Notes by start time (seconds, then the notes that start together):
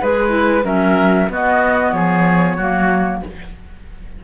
0.00 G#3 G#4 B4
0.28 E4
0.63 F#3 C#4 A#4 E5
1.29 B3 F#4 D#5
1.91 F3 G#4 C#5
2.56 F#3 A#3 F#4